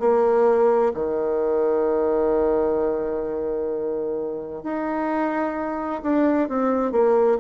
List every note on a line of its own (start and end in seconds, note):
0.00 0.92 A#3
0.94 4.64 D#3
4.64 6.02 D#4
6.03 6.49 D4
6.49 6.92 C4
6.92 7.38 A#3